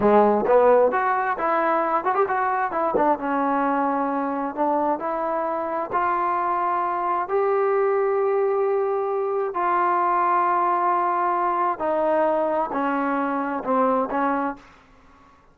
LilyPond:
\new Staff \with { instrumentName = "trombone" } { \time 4/4 \tempo 4 = 132 gis4 b4 fis'4 e'4~ | e'8 fis'16 g'16 fis'4 e'8 d'8 cis'4~ | cis'2 d'4 e'4~ | e'4 f'2. |
g'1~ | g'4 f'2.~ | f'2 dis'2 | cis'2 c'4 cis'4 | }